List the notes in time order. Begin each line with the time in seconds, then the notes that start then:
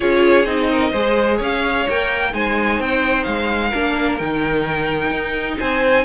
0.00 C#4 F4 G#4 C#5
0.45 C4 D#4 D#5
0.71 A#4
0.91 G#3 G#4 C5
1.37 C#4 C#5 F5
1.89 A#3 A#4 G5
2.31 G#3 D#4 C5 G#5
2.79 C4 G5
3.23 G#3 F5
3.69 A#3 D4 A#4
4.17 D#3 D#4 G5
5.11 D#4
5.58 C4 C5 G#5